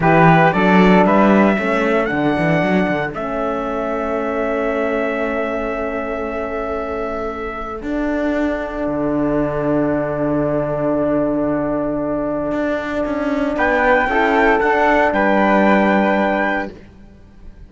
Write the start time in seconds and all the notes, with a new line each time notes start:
0.00 E3 E4 G4 B4
0.52 F#3 D4 A4 D5
1.05 G3 B4 E5
1.56 A3 C#4 A4
2.05 D3 D4 F#5
2.38 E3
2.61 F#3
2.88 D3
3.11 A3 C#4 E5
7.80 D4 F#5
8.87 D3
12.51 D4
13.05 C#4
13.56 B3 B4 G5
14.07 C#4 E4 A4
14.60 D4 F#5
15.12 G3 B4 G5